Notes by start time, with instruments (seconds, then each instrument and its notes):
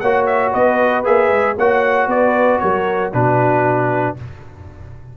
0.00 tuba A#3, trombone F#4, horn C#5, trumpet F#5
0.26 trumpet E5
0.52 tuba B3, horn B4, trumpet D#5
1.04 tuba A#3, trombone G#4, trumpet E5
1.30 tuba G#3
1.56 tuba A#3, trombone F#4, horn C#5, trumpet F#5
2.08 tuba B3, horn B4, trumpet D5
2.59 tuba F#3, horn A#4, trumpet C#5
3.13 tuba B2, trombone D4, horn F#4, trumpet B4